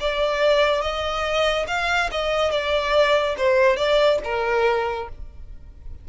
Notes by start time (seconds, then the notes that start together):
0.00 D5
0.81 D#5
1.67 F5
2.11 D#5
2.51 D5
3.37 C5
3.76 D5
4.24 A#4